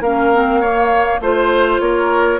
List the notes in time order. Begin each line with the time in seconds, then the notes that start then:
0.00 A#3 C#4 A#4 F5
0.33 C4
0.61 A#3 C#5
1.20 A3 F4 C5
1.80 A#3 A#4 C#5